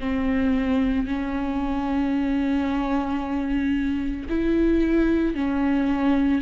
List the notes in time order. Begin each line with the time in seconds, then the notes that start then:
0.00 C4
1.07 C#4
4.30 E4
5.35 C#4